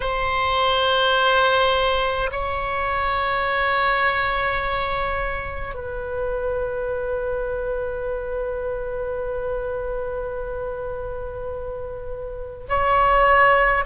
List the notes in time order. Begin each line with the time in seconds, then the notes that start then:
0.00 C5
2.31 C#5
5.74 B4
12.69 C#5